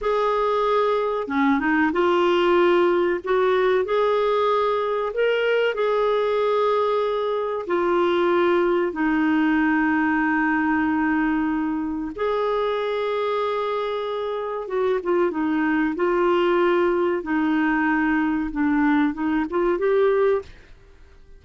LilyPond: \new Staff \with { instrumentName = "clarinet" } { \time 4/4 \tempo 4 = 94 gis'2 cis'8 dis'8 f'4~ | f'4 fis'4 gis'2 | ais'4 gis'2. | f'2 dis'2~ |
dis'2. gis'4~ | gis'2. fis'8 f'8 | dis'4 f'2 dis'4~ | dis'4 d'4 dis'8 f'8 g'4 | }